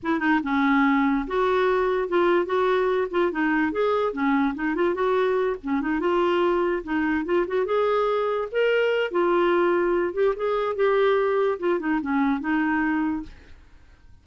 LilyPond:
\new Staff \with { instrumentName = "clarinet" } { \time 4/4 \tempo 4 = 145 e'8 dis'8 cis'2 fis'4~ | fis'4 f'4 fis'4. f'8 | dis'4 gis'4 cis'4 dis'8 f'8 | fis'4. cis'8 dis'8 f'4.~ |
f'8 dis'4 f'8 fis'8 gis'4.~ | gis'8 ais'4. f'2~ | f'8 g'8 gis'4 g'2 | f'8 dis'8 cis'4 dis'2 | }